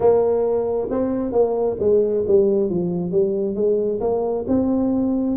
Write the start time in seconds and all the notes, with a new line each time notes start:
0.00 A#3
0.90 C4
1.31 A#3
1.79 G#3
2.27 G3
2.69 F3
3.11 G3
3.55 G#3
4.00 A#3
4.47 C4